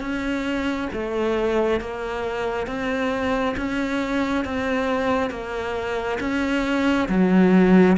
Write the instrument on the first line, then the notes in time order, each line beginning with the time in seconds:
cello
0.00 C#4
0.93 A3
1.80 A#3
2.66 C4
3.56 C#4
4.44 C4
5.30 A#3
6.20 C#4
7.08 F#3